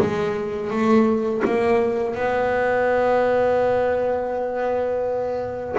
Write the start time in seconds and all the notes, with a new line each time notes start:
0.00 G#3
0.70 A3
1.45 A#3
2.15 B3